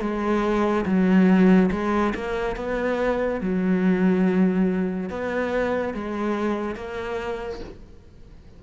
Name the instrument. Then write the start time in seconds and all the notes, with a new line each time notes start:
cello
0.00 G#3
0.86 F#3
1.71 G#3
2.15 A#3
2.56 B3
3.41 F#3
5.09 B3
5.94 G#3
6.75 A#3